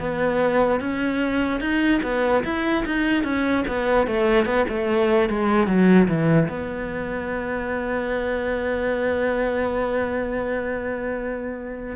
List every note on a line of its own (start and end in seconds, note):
0.00 0.81 B3
0.81 1.61 C#4
1.61 2.02 D#4
2.03 2.44 B3
2.44 2.85 E4
2.86 3.24 D#4
3.24 3.65 C#4
3.68 4.07 B3
4.07 4.46 A3
4.46 4.66 B3
4.69 5.30 A3
5.30 5.68 G#3
5.68 6.08 F#3
6.08 6.49 E3
6.49 11.97 B3